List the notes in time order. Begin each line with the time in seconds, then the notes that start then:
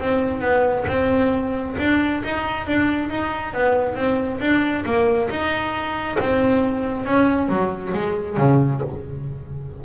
0.00 C4
0.41 B3
0.88 C4
1.79 D4
2.24 D#4
2.67 D4
3.10 D#4
3.54 B3
3.96 C4
4.41 D4
4.85 A#3
5.30 D#4
6.20 C4
7.06 C#4
7.49 F#3
7.94 G#3
8.38 C#3